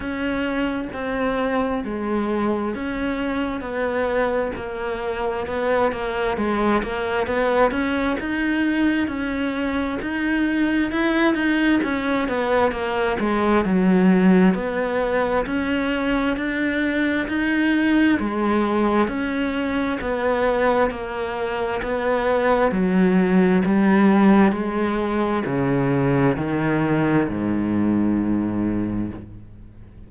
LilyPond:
\new Staff \with { instrumentName = "cello" } { \time 4/4 \tempo 4 = 66 cis'4 c'4 gis4 cis'4 | b4 ais4 b8 ais8 gis8 ais8 | b8 cis'8 dis'4 cis'4 dis'4 | e'8 dis'8 cis'8 b8 ais8 gis8 fis4 |
b4 cis'4 d'4 dis'4 | gis4 cis'4 b4 ais4 | b4 fis4 g4 gis4 | cis4 dis4 gis,2 | }